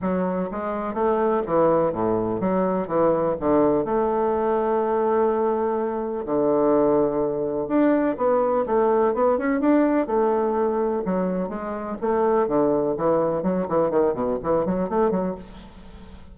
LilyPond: \new Staff \with { instrumentName = "bassoon" } { \time 4/4 \tempo 4 = 125 fis4 gis4 a4 e4 | a,4 fis4 e4 d4 | a1~ | a4 d2. |
d'4 b4 a4 b8 cis'8 | d'4 a2 fis4 | gis4 a4 d4 e4 | fis8 e8 dis8 b,8 e8 fis8 a8 fis8 | }